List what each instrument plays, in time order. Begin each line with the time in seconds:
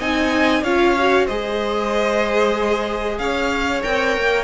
0.00 cello C4, viola D#4, violin D#5 G#5
0.64 cello C#4, viola F4, violin C#5 F5
0.99 viola F#4
1.26 cello G#3, viola G#4, violin C5 D#5
3.19 cello C#4, violin C#5 F5
3.82 cello C4, viola A#4, violin G5
4.18 cello A#3